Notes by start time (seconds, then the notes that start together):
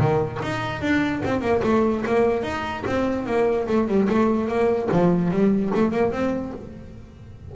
0.00 D#3
0.43 D#4
0.82 D4
1.25 C4
1.41 A#3
1.64 A3
2.06 A#3
2.43 D#4
2.86 C4
3.27 A#3
3.68 A3
3.88 G3
4.09 A3
4.48 A#3
4.92 F3
5.31 G3
5.74 A3
5.92 A#3
6.12 C4